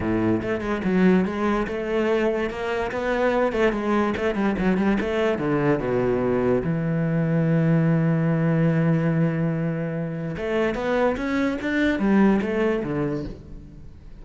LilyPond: \new Staff \with { instrumentName = "cello" } { \time 4/4 \tempo 4 = 145 a,4 a8 gis8 fis4 gis4 | a2 ais4 b4~ | b8 a8 gis4 a8 g8 fis8 g8 | a4 d4 b,2 |
e1~ | e1~ | e4 a4 b4 cis'4 | d'4 g4 a4 d4 | }